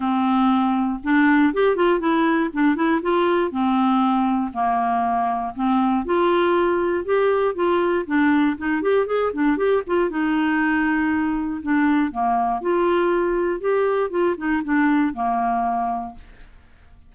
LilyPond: \new Staff \with { instrumentName = "clarinet" } { \time 4/4 \tempo 4 = 119 c'2 d'4 g'8 f'8 | e'4 d'8 e'8 f'4 c'4~ | c'4 ais2 c'4 | f'2 g'4 f'4 |
d'4 dis'8 g'8 gis'8 d'8 g'8 f'8 | dis'2. d'4 | ais4 f'2 g'4 | f'8 dis'8 d'4 ais2 | }